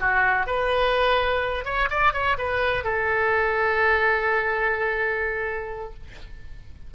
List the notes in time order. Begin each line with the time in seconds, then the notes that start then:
0.00 F#4
0.47 B4
1.65 C#5
1.90 D5
2.13 C#5
2.38 B4
2.84 A4